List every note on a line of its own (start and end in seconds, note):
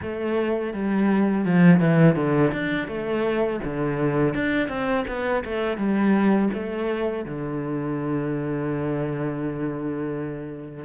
0.02 0.73 A3
0.73 1.45 G3
1.45 1.80 F3
1.80 2.15 E3
2.15 2.51 D3
2.52 2.87 D4
2.87 3.59 A3
3.63 4.34 D3
4.34 4.68 D4
4.68 5.04 C4
5.07 5.43 B3
5.44 5.77 A3
5.77 6.49 G3
6.53 7.25 A3
7.25 10.84 D3